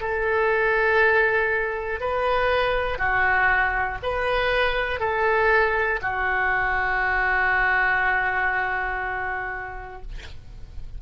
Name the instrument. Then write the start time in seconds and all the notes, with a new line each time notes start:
oboe
0.00 A4
2.00 B4
2.98 F#4
4.02 B4
5.00 A4
6.01 F#4